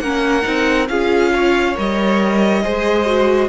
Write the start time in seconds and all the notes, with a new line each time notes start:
0.00 A#3 C#4 A#4 F#5
0.43 C4 D#4
0.89 C#4 F4 G#4 F5
1.34 C#5
1.76 G3 A#4 D#5
2.63 G#3 G#4 C5
3.06 F#4